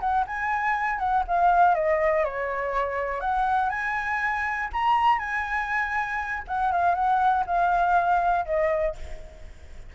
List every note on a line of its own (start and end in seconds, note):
0.00 0.25 F#5
0.27 0.98 G#5
0.98 1.23 F#5
1.27 1.75 F5
1.75 2.24 D#5
2.24 3.20 C#5
3.20 3.69 F#5
3.69 4.69 G#5
4.73 5.19 A#5
5.19 6.43 G#5
6.47 6.72 F#5
6.72 6.95 F5
6.95 7.44 F#5
7.46 8.45 F5
8.46 8.95 D#5